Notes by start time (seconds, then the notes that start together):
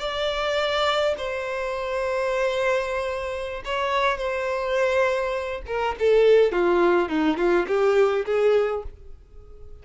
0.00 D5
1.18 C5
3.65 C#5
4.18 C5
5.67 A#4
5.99 A4
6.52 F4
7.09 D#4
7.37 F4
7.68 G4
8.26 G#4